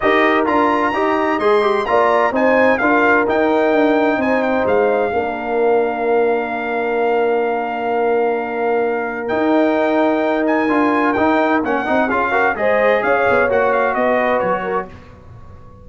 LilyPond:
<<
  \new Staff \with { instrumentName = "trumpet" } { \time 4/4 \tempo 4 = 129 dis''4 ais''2 c'''4 | ais''4 gis''4 f''4 g''4~ | g''4 gis''8 g''8 f''2~ | f''1~ |
f''1 | g''2~ g''8 gis''4. | g''4 fis''4 f''4 dis''4 | f''4 fis''8 f''8 dis''4 cis''4 | }
  \new Staff \with { instrumentName = "horn" } { \time 4/4 ais'2 dis''2 | d''4 c''4 ais'2~ | ais'4 c''2 ais'4~ | ais'1~ |
ais'1~ | ais'1~ | ais'2 gis'8 ais'8 c''4 | cis''2 b'4. ais'8 | }
  \new Staff \with { instrumentName = "trombone" } { \time 4/4 g'4 f'4 g'4 gis'8 g'8 | f'4 dis'4 f'4 dis'4~ | dis'2. d'4~ | d'1~ |
d'1 | dis'2. f'4 | dis'4 cis'8 dis'8 f'8 fis'8 gis'4~ | gis'4 fis'2. | }
  \new Staff \with { instrumentName = "tuba" } { \time 4/4 dis'4 d'4 dis'4 gis4 | ais4 c'4 d'4 dis'4 | d'4 c'4 gis4 ais4~ | ais1~ |
ais1 | dis'2. d'4 | dis'4 ais8 c'8 cis'4 gis4 | cis'8 b8 ais4 b4 fis4 | }
>>